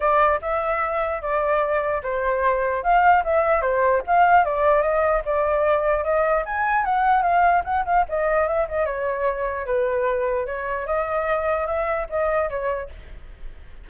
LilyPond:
\new Staff \with { instrumentName = "flute" } { \time 4/4 \tempo 4 = 149 d''4 e''2 d''4~ | d''4 c''2 f''4 | e''4 c''4 f''4 d''4 | dis''4 d''2 dis''4 |
gis''4 fis''4 f''4 fis''8 f''8 | dis''4 e''8 dis''8 cis''2 | b'2 cis''4 dis''4~ | dis''4 e''4 dis''4 cis''4 | }